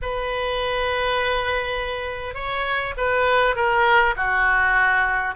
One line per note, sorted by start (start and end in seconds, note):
0.01 2.34 B4
2.34 2.94 C#5
2.97 3.55 B4
3.55 4.14 A#4
4.16 5.35 F#4